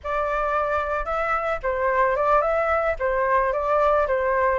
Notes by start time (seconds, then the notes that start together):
0.03 D5
1.05 E5
1.62 C5
2.16 D5
2.41 E5
2.99 C5
3.53 D5
4.07 C5